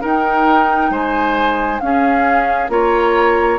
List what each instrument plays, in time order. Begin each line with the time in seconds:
0.00 clarinet D#4, bassoon D#4, oboe A#4, flute G5
0.90 bassoon G#3, oboe C5, flute G#5
1.79 bassoon C#4, clarinet C#4, oboe G#4, flute F5
2.69 bassoon A#3, clarinet F4, oboe C#5, flute A#5